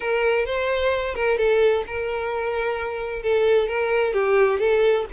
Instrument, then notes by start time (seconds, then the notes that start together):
violin
0.00 A#4
0.45 C5
1.14 A#4
1.37 A4
1.87 A#4
3.22 A4
3.68 A#4
4.13 G4
4.59 A4